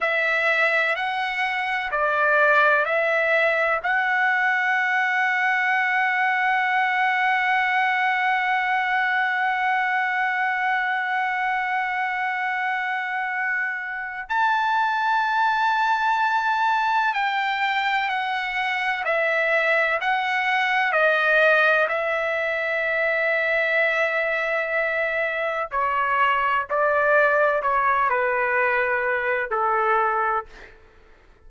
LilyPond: \new Staff \with { instrumentName = "trumpet" } { \time 4/4 \tempo 4 = 63 e''4 fis''4 d''4 e''4 | fis''1~ | fis''1~ | fis''2. a''4~ |
a''2 g''4 fis''4 | e''4 fis''4 dis''4 e''4~ | e''2. cis''4 | d''4 cis''8 b'4. a'4 | }